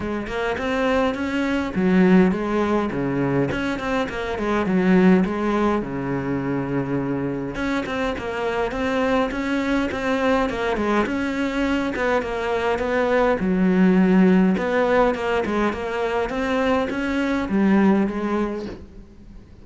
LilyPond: \new Staff \with { instrumentName = "cello" } { \time 4/4 \tempo 4 = 103 gis8 ais8 c'4 cis'4 fis4 | gis4 cis4 cis'8 c'8 ais8 gis8 | fis4 gis4 cis2~ | cis4 cis'8 c'8 ais4 c'4 |
cis'4 c'4 ais8 gis8 cis'4~ | cis'8 b8 ais4 b4 fis4~ | fis4 b4 ais8 gis8 ais4 | c'4 cis'4 g4 gis4 | }